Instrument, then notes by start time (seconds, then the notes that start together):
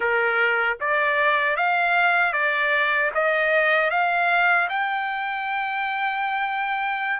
trumpet
0.00 A#4
0.80 D5
1.56 F5
2.32 D5
3.14 D#5
3.90 F5
4.69 G5